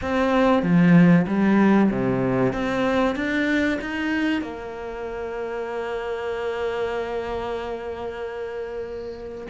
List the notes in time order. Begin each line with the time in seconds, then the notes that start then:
0.01 C4
0.62 F3
1.27 G3
1.91 C3
2.53 C4
3.15 D4
3.81 D#4
4.41 A#3